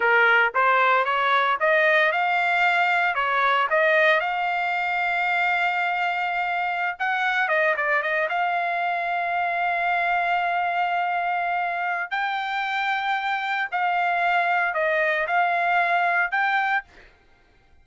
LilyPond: \new Staff \with { instrumentName = "trumpet" } { \time 4/4 \tempo 4 = 114 ais'4 c''4 cis''4 dis''4 | f''2 cis''4 dis''4 | f''1~ | f''4~ f''16 fis''4 dis''8 d''8 dis''8 f''16~ |
f''1~ | f''2. g''4~ | g''2 f''2 | dis''4 f''2 g''4 | }